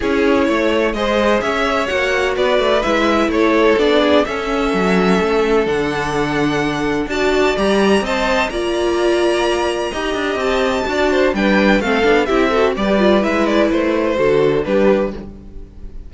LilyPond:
<<
  \new Staff \with { instrumentName = "violin" } { \time 4/4 \tempo 4 = 127 cis''2 dis''4 e''4 | fis''4 d''4 e''4 cis''4 | d''4 e''2. | fis''2. a''4 |
ais''4 a''4 ais''2~ | ais''2 a''2 | g''4 f''4 e''4 d''4 | e''8 d''8 c''2 b'4 | }
  \new Staff \with { instrumentName = "violin" } { \time 4/4 gis'4 cis''4 c''4 cis''4~ | cis''4 b'2 a'4~ | a'8 gis'8 a'2.~ | a'2. d''4~ |
d''4 dis''4 d''2~ | d''4 dis''2 d''8 c''8 | b'4 a'4 g'8 a'8 b'4~ | b'2 a'4 g'4 | }
  \new Staff \with { instrumentName = "viola" } { \time 4/4 e'2 gis'2 | fis'2 e'2 | d'4 cis'2. | d'2. fis'4 |
g'4 c''4 f'2~ | f'4 g'2 fis'4 | d'4 c'8 d'8 e'8 fis'8 g'8 f'8 | e'2 fis'4 d'4 | }
  \new Staff \with { instrumentName = "cello" } { \time 4/4 cis'4 a4 gis4 cis'4 | ais4 b8 a8 gis4 a4 | b4 cis'4 fis4 a4 | d2. d'4 |
g4 c'4 ais2~ | ais4 dis'8 d'8 c'4 d'4 | g4 a8 b8 c'4 g4 | gis4 a4 d4 g4 | }
>>